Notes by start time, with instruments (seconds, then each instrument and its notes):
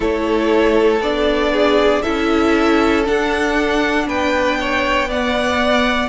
0.00 cello A3, viola E4, violin A4 C#5
0.99 cello B3, viola D4, violin D5
1.52 violin G#4
2.02 cello C#4, viola E4, violin A4 E5
3.05 viola D4, cello D4, violin F#5
4.06 cello B3, violin B4 G5
4.60 violin C#5
5.08 viola B3, violin D5 F#5